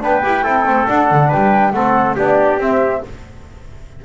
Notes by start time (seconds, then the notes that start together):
0.00 B3 D4 B4 G5
0.22 E4 G4
0.43 C4 E4 A4
0.65 A3 C4
0.86 D4 F#5
1.11 D3
1.28 B4 G5
1.34 G3
1.71 A3 C4 A4 F#5
2.15 B3 D4 G4 D5
2.57 C4 E5